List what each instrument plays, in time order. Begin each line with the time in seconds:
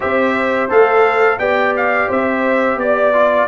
0.00 tuba C4, trombone G4, horn C5, trumpet E5
0.69 tuba A3, trombone A4, trumpet F5
1.38 tuba B3, trombone G4, horn D5, trumpet G5
1.76 trumpet F5
2.07 tuba C4, horn C5, trumpet E5
2.76 tuba B3, trumpet D5, horn D5
3.13 trombone F4